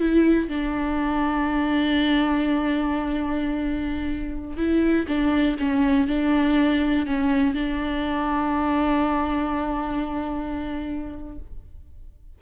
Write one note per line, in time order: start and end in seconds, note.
0.00 0.49 E4
0.49 4.57 D4
4.57 5.07 E4
5.08 5.58 D4
5.60 6.08 C#4
6.08 7.07 D4
7.07 7.55 C#4
7.55 11.39 D4